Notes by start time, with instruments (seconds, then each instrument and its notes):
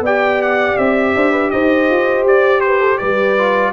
0.00 tuba B3, trombone G4, horn D5, trumpet G5
0.42 trumpet F#5
0.77 tuba C4, trumpet E5
1.16 tuba D4, horn C5
1.32 horn B4
1.51 tuba D#4, horn C5, trumpet D#5
1.90 tuba F4
2.23 tuba G4, trumpet D5
2.61 horn B4, trumpet C5
2.80 horn A4
2.98 tuba G3, horn B4, trumpet D5
3.38 trombone F4